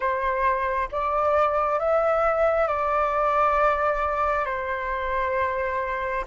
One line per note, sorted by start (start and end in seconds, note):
0.00 0.88 C5
0.91 1.79 D5
1.79 2.67 E5
2.67 4.45 D5
4.45 6.24 C5